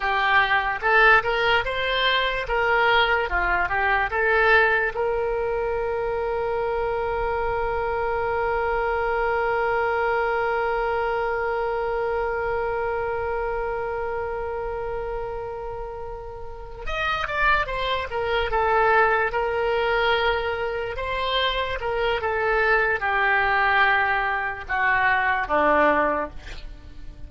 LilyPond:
\new Staff \with { instrumentName = "oboe" } { \time 4/4 \tempo 4 = 73 g'4 a'8 ais'8 c''4 ais'4 | f'8 g'8 a'4 ais'2~ | ais'1~ | ais'1~ |
ais'1~ | ais'8 dis''8 d''8 c''8 ais'8 a'4 ais'8~ | ais'4. c''4 ais'8 a'4 | g'2 fis'4 d'4 | }